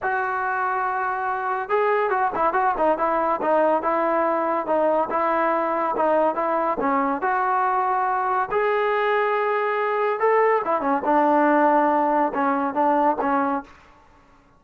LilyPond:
\new Staff \with { instrumentName = "trombone" } { \time 4/4 \tempo 4 = 141 fis'1 | gis'4 fis'8 e'8 fis'8 dis'8 e'4 | dis'4 e'2 dis'4 | e'2 dis'4 e'4 |
cis'4 fis'2. | gis'1 | a'4 e'8 cis'8 d'2~ | d'4 cis'4 d'4 cis'4 | }